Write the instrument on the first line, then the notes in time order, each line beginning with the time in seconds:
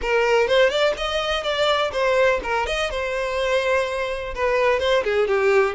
violin
0.01 A#4
0.47 C5
0.69 D5
0.97 D#5
1.43 D5
1.92 C5
2.43 A#4
2.66 D#5
2.90 C5
4.34 B4
4.79 C5
5.04 G#4
5.27 G4